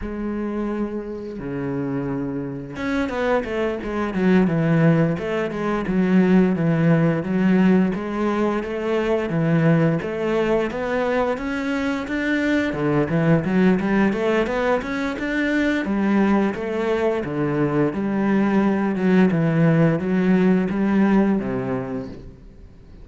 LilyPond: \new Staff \with { instrumentName = "cello" } { \time 4/4 \tempo 4 = 87 gis2 cis2 | cis'8 b8 a8 gis8 fis8 e4 a8 | gis8 fis4 e4 fis4 gis8~ | gis8 a4 e4 a4 b8~ |
b8 cis'4 d'4 d8 e8 fis8 | g8 a8 b8 cis'8 d'4 g4 | a4 d4 g4. fis8 | e4 fis4 g4 c4 | }